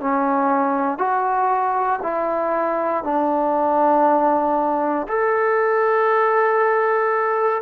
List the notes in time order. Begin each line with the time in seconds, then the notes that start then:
0.00 C#4
0.98 F#4
2.03 E4
3.04 D4
5.08 A4